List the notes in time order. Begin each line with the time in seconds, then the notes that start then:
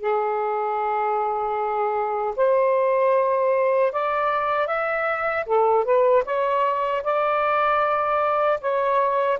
0.00 G#4
2.36 C5
3.92 D5
4.66 E5
5.45 A4
5.84 B4
6.24 C#5
7.03 D5
8.60 C#5